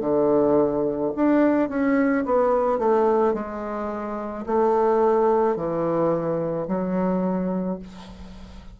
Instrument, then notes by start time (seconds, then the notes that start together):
bassoon
0.00 D3
1.16 D4
1.69 C#4
2.25 B3
2.78 A3
3.34 G#3
4.46 A3
5.56 E3
6.68 F#3